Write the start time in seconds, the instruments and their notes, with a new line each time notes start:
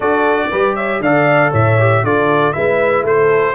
0.00 tuba D4, trombone F#4, horn A4, trumpet D5
0.50 tuba G3, trombone G4, horn B4
0.75 horn C#5, trumpet E5
1.00 tuba D3, trombone A4, horn D5, trumpet F5
1.51 tuba A2, horn C#5, trumpet E5
1.79 trombone G4
2.03 tuba D3, trombone F4, horn A4, trumpet D5
2.52 tuba G#3, trombone E4, horn B4, trumpet E5
3.03 tuba A3, horn A4, trumpet C5